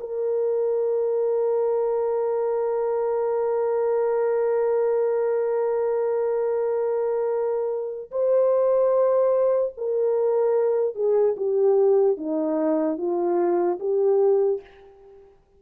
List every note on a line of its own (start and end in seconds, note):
0.00 8.11 A#4
8.11 9.73 C5
9.77 10.95 A#4
10.95 11.36 G#4
11.37 12.17 G4
12.17 12.98 D#4
12.98 13.79 F4
13.79 14.61 G4